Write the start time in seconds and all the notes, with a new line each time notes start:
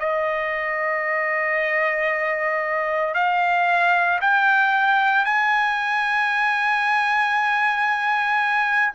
0.00 D#5
3.15 F5
4.22 G5
5.26 G#5